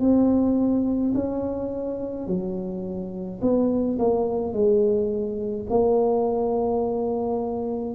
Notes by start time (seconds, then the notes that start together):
0.00 C4
1.14 C#4
2.27 F#3
3.41 B3
3.98 A#3
4.53 G#3
5.70 A#3